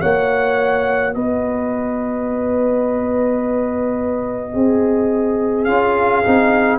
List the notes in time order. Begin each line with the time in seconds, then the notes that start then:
0.00 A#3 F#4 C#5 F#5
1.14 B3 B4 D#5
4.53 C4 G#4
5.64 C#4 F4 F5
6.24 C4 D#4